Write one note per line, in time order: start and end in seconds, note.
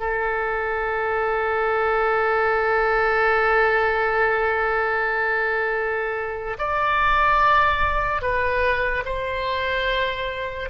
0.00 6.58 A4
6.59 8.22 D5
8.22 9.04 B4
9.05 10.70 C5